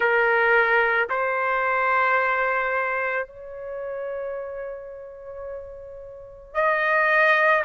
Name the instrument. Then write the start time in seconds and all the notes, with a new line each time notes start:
trumpet
0.00 A#4
1.09 C5
3.27 C#5
6.54 D#5